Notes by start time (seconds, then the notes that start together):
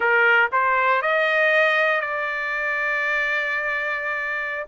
0.00 A#4
0.52 C5
1.02 D#5
2.00 D5